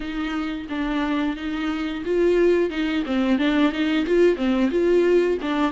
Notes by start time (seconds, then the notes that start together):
0.00 D#4
0.69 D4
1.36 D#4
2.05 F4
2.70 D#4
3.06 C4
3.38 D4
3.72 D#4
4.06 F4
4.36 C4
4.70 F4
5.41 D4